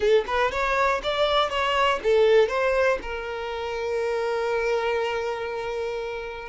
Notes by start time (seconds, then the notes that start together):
0.00 A4
0.27 B4
0.51 C#5
1.03 D5
1.49 C#5
2.03 A4
2.48 C5
3.02 A#4